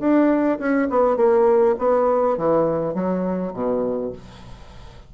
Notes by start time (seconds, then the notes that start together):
0.00 D4
0.59 C#4
0.90 B3
1.17 A#3
1.79 B3
2.38 E3
2.94 F#3
3.54 B2